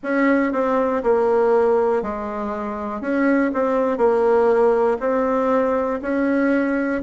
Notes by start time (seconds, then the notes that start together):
0.03 C#4
0.52 C4
1.03 A#3
2.02 G#3
3.01 C#4
3.53 C4
3.97 A#3
5.00 C4
6.02 C#4